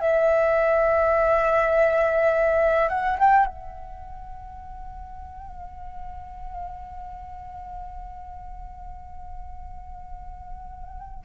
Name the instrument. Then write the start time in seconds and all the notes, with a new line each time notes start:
flute
0.00 E5
2.88 F#5
3.18 G5
3.46 F#5